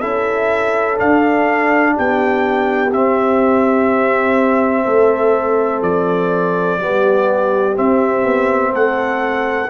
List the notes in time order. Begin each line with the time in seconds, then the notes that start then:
0.00 C#4 E4 A4 E5
0.97 D4 F5
1.95 B3 G4 G5
2.93 C4 E5
4.85 A3 A4
5.82 F3 D5
6.80 G3 B3 G4
7.75 C4 E5
8.24 B3
8.72 A3 A4 F#5